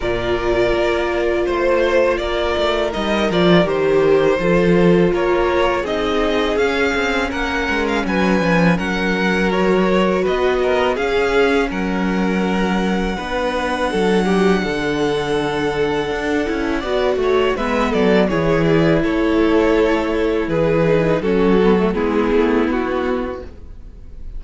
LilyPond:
<<
  \new Staff \with { instrumentName = "violin" } { \time 4/4 \tempo 4 = 82 d''2 c''4 d''4 | dis''8 d''8 c''2 cis''4 | dis''4 f''4 fis''8. f''16 gis''4 | fis''4 cis''4 dis''4 f''4 |
fis''1~ | fis''1 | e''8 d''8 cis''8 d''8 cis''2 | b'4 a'4 gis'4 fis'4 | }
  \new Staff \with { instrumentName = "violin" } { \time 4/4 ais'2 c''4 ais'4~ | ais'2 a'4 ais'4 | gis'2 ais'4 b'4 | ais'2 b'8 ais'8 gis'4 |
ais'2 b'4 a'8 g'8 | a'2. d''8 cis''8 | b'8 a'8 gis'4 a'2 | gis'4 fis'4 e'2 | }
  \new Staff \with { instrumentName = "viola" } { \time 4/4 f'1 | dis'8 f'8 g'4 f'2 | dis'4 cis'2.~ | cis'4 fis'2 cis'4~ |
cis'2 d'2~ | d'2~ d'8 e'8 fis'4 | b4 e'2.~ | e'8 dis'8 cis'8 b16 a16 b2 | }
  \new Staff \with { instrumentName = "cello" } { \time 4/4 ais,4 ais4 a4 ais8 a8 | g8 f8 dis4 f4 ais4 | c'4 cis'8 c'8 ais8 gis8 fis8 f8 | fis2 b4 cis'4 |
fis2 b4 fis4 | d2 d'8 cis'8 b8 a8 | gis8 fis8 e4 a2 | e4 fis4 gis8 a8 b4 | }
>>